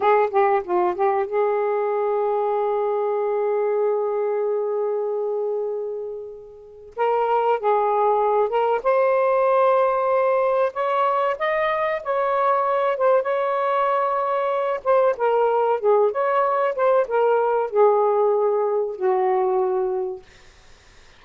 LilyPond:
\new Staff \with { instrumentName = "saxophone" } { \time 4/4 \tempo 4 = 95 gis'8 g'8 f'8 g'8 gis'2~ | gis'1~ | gis'2. ais'4 | gis'4. ais'8 c''2~ |
c''4 cis''4 dis''4 cis''4~ | cis''8 c''8 cis''2~ cis''8 c''8 | ais'4 gis'8 cis''4 c''8 ais'4 | gis'2 fis'2 | }